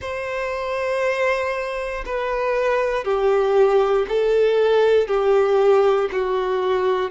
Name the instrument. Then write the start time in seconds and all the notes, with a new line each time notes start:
violin
0.00 C5
2.05 B4
3.04 G4
4.08 A4
5.07 G4
6.12 F#4